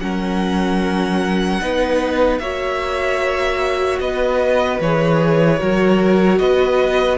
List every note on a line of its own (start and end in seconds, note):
0.00 1.60 F#3
0.00 1.61 C#4
0.00 1.62 A#4
0.00 2.39 F#5
1.61 2.39 B3
1.61 2.41 D#4
1.61 2.41 B4
2.39 3.99 A#3
2.39 4.82 F#4
2.39 4.01 C#5
2.39 3.99 E5
4.00 4.80 B3
4.00 5.59 B4
4.00 4.81 D#5
4.81 5.61 E3
4.81 5.59 G#4
4.81 6.39 C#5
5.59 6.40 F#3
5.59 7.18 F#4
5.59 6.39 A#4
6.39 7.18 B3
6.39 7.18 B4
6.39 7.18 D#5